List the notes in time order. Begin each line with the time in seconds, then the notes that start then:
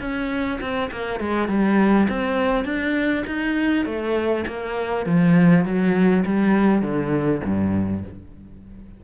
0.00 C#4
0.60 C4
0.91 A#3
1.20 G#3
1.48 G3
2.09 C4
2.65 D4
3.26 D#4
3.85 A3
4.47 A#3
5.05 F3
5.65 F#3
6.25 G3
6.82 D3
7.44 G2